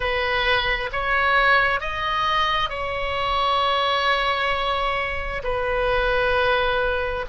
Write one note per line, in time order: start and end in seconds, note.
0.00 0.90 B4
0.92 1.80 C#5
1.80 2.69 D#5
2.69 5.42 C#5
5.43 7.25 B4